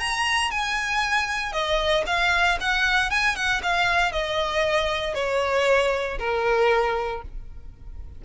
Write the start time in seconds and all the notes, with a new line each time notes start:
0.00 A#5
0.51 G#5
1.53 D#5
2.07 F5
2.61 F#5
3.11 G#5
3.36 F#5
3.63 F5
4.12 D#5
5.15 C#5
6.19 A#4